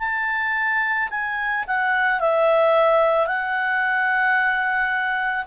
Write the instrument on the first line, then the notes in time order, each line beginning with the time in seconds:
clarinet
0.00 A5
1.11 G#5
1.67 F#5
2.20 E5
3.27 F#5